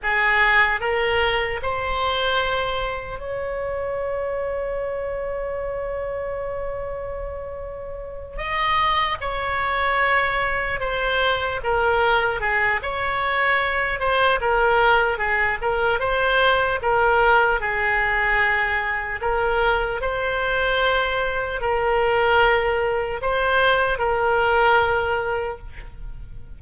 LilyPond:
\new Staff \with { instrumentName = "oboe" } { \time 4/4 \tempo 4 = 75 gis'4 ais'4 c''2 | cis''1~ | cis''2~ cis''8 dis''4 cis''8~ | cis''4. c''4 ais'4 gis'8 |
cis''4. c''8 ais'4 gis'8 ais'8 | c''4 ais'4 gis'2 | ais'4 c''2 ais'4~ | ais'4 c''4 ais'2 | }